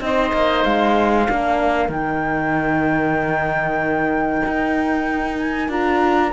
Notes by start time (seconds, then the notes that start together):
0.00 C4 D#4 C5 D#5
0.32 A#3
0.64 G#3 F5
1.28 A#3 D4 A#4
1.89 D#3 D#4 G5
4.45 D#4
5.38 G#5
5.68 D4 F4 A#5